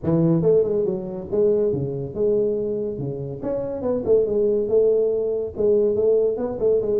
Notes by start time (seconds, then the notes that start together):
0.03 E3
0.42 A3
0.63 G#3
0.85 F#3
1.31 G#3
1.72 C#3
2.14 G#3
2.98 C#3
3.42 C#4
3.82 B3
4.05 A3
4.26 G#3
4.68 A3
5.56 G#3
5.95 A3
6.37 B3
6.59 A3
6.81 G#3